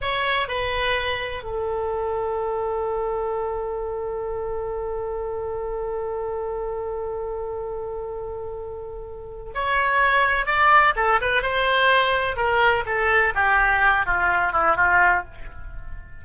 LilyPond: \new Staff \with { instrumentName = "oboe" } { \time 4/4 \tempo 4 = 126 cis''4 b'2 a'4~ | a'1~ | a'1~ | a'1~ |
a'1 | cis''2 d''4 a'8 b'8 | c''2 ais'4 a'4 | g'4. f'4 e'8 f'4 | }